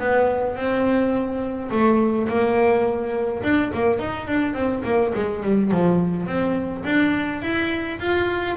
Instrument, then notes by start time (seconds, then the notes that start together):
double bass
0.00 B3
0.57 C4
1.71 A3
2.29 A#3
3.44 D4
3.74 A#3
4.00 D#4
4.28 D4
4.54 C4
4.85 A#3
5.15 G#3
5.44 G3
5.72 F3
6.27 C4
6.85 D4
7.42 E4
8.00 F4